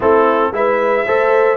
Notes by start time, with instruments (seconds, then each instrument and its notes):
0.00 tuba A3, trombone C4, horn E4, trumpet A4
0.51 tuba G#3, trombone E4, horn B4, trumpet E5
1.05 tuba A3, trombone A4, horn C5